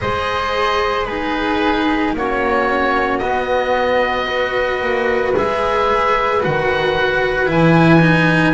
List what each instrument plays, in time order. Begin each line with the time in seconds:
0.00 double bass G#3, cello G#4, flute C5, oboe D#5
1.05 cello D#4, flute G#4, oboe B4
2.13 double bass A#3, cello C#4, flute F#4, oboe C#5
3.18 cello B3, double bass B3, oboe D#5
4.26 cello F#4, flute B4
4.81 double bass A#3
5.35 double bass G#3, cello G#4, oboe E5
6.40 double bass D#3, cello F#4, oboe F#5
7.46 cello E4, oboe G#5
7.52 double bass E3
8.00 cello D#4